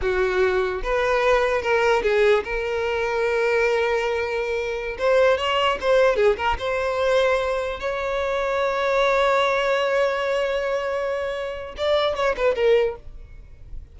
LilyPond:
\new Staff \with { instrumentName = "violin" } { \time 4/4 \tempo 4 = 148 fis'2 b'2 | ais'4 gis'4 ais'2~ | ais'1~ | ais'16 c''4 cis''4 c''4 gis'8 ais'16~ |
ais'16 c''2. cis''8.~ | cis''1~ | cis''1~ | cis''4 d''4 cis''8 b'8 ais'4 | }